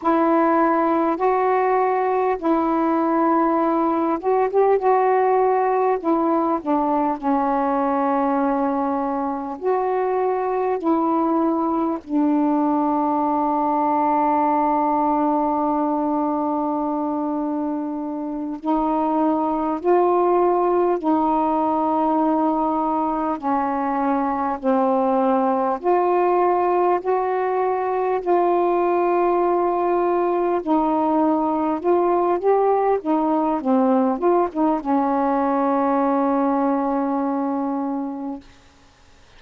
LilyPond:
\new Staff \with { instrumentName = "saxophone" } { \time 4/4 \tempo 4 = 50 e'4 fis'4 e'4. fis'16 g'16 | fis'4 e'8 d'8 cis'2 | fis'4 e'4 d'2~ | d'2.~ d'8 dis'8~ |
dis'8 f'4 dis'2 cis'8~ | cis'8 c'4 f'4 fis'4 f'8~ | f'4. dis'4 f'8 g'8 dis'8 | c'8 f'16 dis'16 cis'2. | }